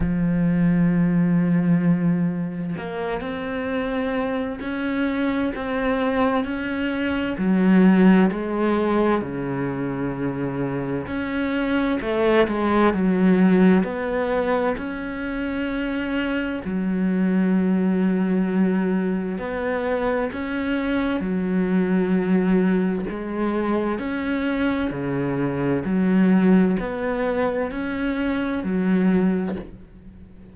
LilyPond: \new Staff \with { instrumentName = "cello" } { \time 4/4 \tempo 4 = 65 f2. ais8 c'8~ | c'4 cis'4 c'4 cis'4 | fis4 gis4 cis2 | cis'4 a8 gis8 fis4 b4 |
cis'2 fis2~ | fis4 b4 cis'4 fis4~ | fis4 gis4 cis'4 cis4 | fis4 b4 cis'4 fis4 | }